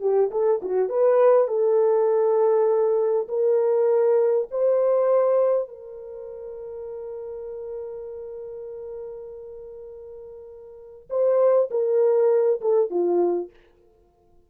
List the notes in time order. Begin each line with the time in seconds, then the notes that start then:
0.00 G4
0.31 A4
0.62 F#4
0.89 B4
1.48 A4
3.28 A#4
4.51 C5
5.68 A#4
11.10 C5
11.71 A#4
12.61 A4
12.90 F4